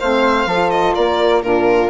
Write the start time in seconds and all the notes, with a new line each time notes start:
0.00 A3 C4 C5 F5
0.46 F3 F4 A4
0.70 D#5
0.95 A#3 A#4 D5
1.43 A#2 D4 F4 A#4